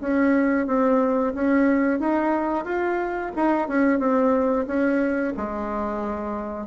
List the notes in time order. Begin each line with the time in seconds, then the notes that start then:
0.00 C#4
0.66 C4
1.34 C#4
1.99 D#4
2.65 F4
3.35 D#4
3.68 C#4
3.99 C4
4.67 C#4
5.36 G#3